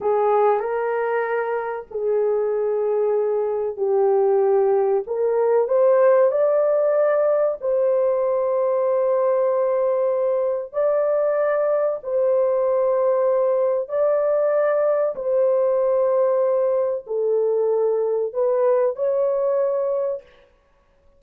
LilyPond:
\new Staff \with { instrumentName = "horn" } { \time 4/4 \tempo 4 = 95 gis'4 ais'2 gis'4~ | gis'2 g'2 | ais'4 c''4 d''2 | c''1~ |
c''4 d''2 c''4~ | c''2 d''2 | c''2. a'4~ | a'4 b'4 cis''2 | }